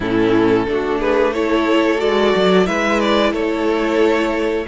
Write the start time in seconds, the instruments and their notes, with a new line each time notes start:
0.00 cello A2, viola C#4, violin E4 A4
0.67 cello A3, viola D4, violin F#4
0.98 violin G#4 B4
1.33 viola E4, violin A4 C#5
1.97 cello G#3, viola F#4, violin D5
2.35 cello F#3
2.65 cello G#3, viola E4, violin B4 E5
2.99 violin D5
3.31 cello A3, violin A4 C#5